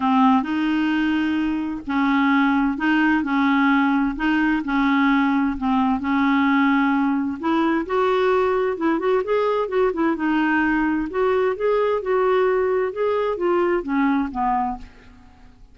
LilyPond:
\new Staff \with { instrumentName = "clarinet" } { \time 4/4 \tempo 4 = 130 c'4 dis'2. | cis'2 dis'4 cis'4~ | cis'4 dis'4 cis'2 | c'4 cis'2. |
e'4 fis'2 e'8 fis'8 | gis'4 fis'8 e'8 dis'2 | fis'4 gis'4 fis'2 | gis'4 f'4 cis'4 b4 | }